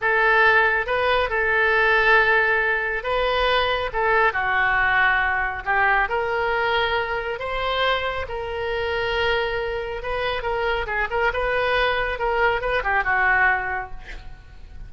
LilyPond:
\new Staff \with { instrumentName = "oboe" } { \time 4/4 \tempo 4 = 138 a'2 b'4 a'4~ | a'2. b'4~ | b'4 a'4 fis'2~ | fis'4 g'4 ais'2~ |
ais'4 c''2 ais'4~ | ais'2. b'4 | ais'4 gis'8 ais'8 b'2 | ais'4 b'8 g'8 fis'2 | }